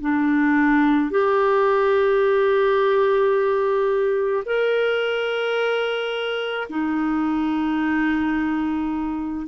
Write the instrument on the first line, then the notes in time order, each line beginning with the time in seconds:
clarinet
0.00 D4
1.10 G4
4.45 A#4
6.69 D#4